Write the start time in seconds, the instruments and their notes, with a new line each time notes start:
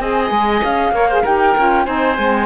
0.00 cello C4, saxophone G#4, oboe D#5, flute G#5
0.31 cello G#3
0.64 cello C#4, flute F5
0.92 cello A#3, saxophone A#4, oboe C#5
1.09 saxophone G#4, oboe C5
1.23 cello D#4, saxophone G4, oboe A#4, flute G5
1.57 cello C#4, saxophone F4
1.85 cello C4, saxophone D#4, oboe C5, flute G#5
2.18 cello G#3, saxophone C4